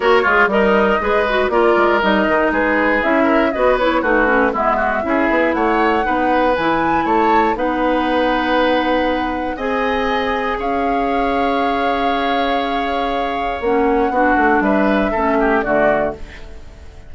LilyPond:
<<
  \new Staff \with { instrumentName = "flute" } { \time 4/4 \tempo 4 = 119 cis''4 dis''2 d''4 | dis''4 b'4 e''4 dis''8 cis''8 | b'4 e''2 fis''4~ | fis''4 gis''4 a''4 fis''4~ |
fis''2. gis''4~ | gis''4 f''2.~ | f''2. fis''4~ | fis''4 e''2 d''4 | }
  \new Staff \with { instrumentName = "oboe" } { \time 4/4 ais'8 f'8 dis'4 b'4 ais'4~ | ais'4 gis'4. ais'8 b'4 | fis'4 e'8 fis'8 gis'4 cis''4 | b'2 cis''4 b'4~ |
b'2. dis''4~ | dis''4 cis''2.~ | cis''1 | fis'4 b'4 a'8 g'8 fis'4 | }
  \new Staff \with { instrumentName = "clarinet" } { \time 4/4 fis'8 gis'8 ais'4 gis'8 fis'8 f'4 | dis'2 e'4 fis'8 e'8 | dis'8 cis'8 b4 e'2 | dis'4 e'2 dis'4~ |
dis'2. gis'4~ | gis'1~ | gis'2. cis'4 | d'2 cis'4 a4 | }
  \new Staff \with { instrumentName = "bassoon" } { \time 4/4 ais8 gis8 g4 gis4 ais8 gis8 | g8 dis8 gis4 cis'4 b4 | a4 gis4 cis'8 b8 a4 | b4 e4 a4 b4~ |
b2. c'4~ | c'4 cis'2.~ | cis'2. ais4 | b8 a8 g4 a4 d4 | }
>>